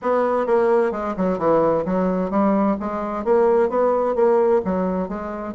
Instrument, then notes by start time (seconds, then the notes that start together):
bassoon
0.02 B3
0.46 A#3
0.91 G#3
1.16 F#3
1.38 E3
1.85 F#3
2.30 G3
2.79 G#3
3.24 A#3
3.69 B3
4.15 A#3
4.64 F#3
5.08 G#3